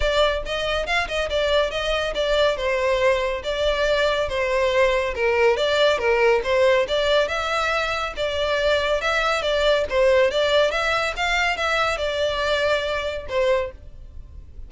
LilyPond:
\new Staff \with { instrumentName = "violin" } { \time 4/4 \tempo 4 = 140 d''4 dis''4 f''8 dis''8 d''4 | dis''4 d''4 c''2 | d''2 c''2 | ais'4 d''4 ais'4 c''4 |
d''4 e''2 d''4~ | d''4 e''4 d''4 c''4 | d''4 e''4 f''4 e''4 | d''2. c''4 | }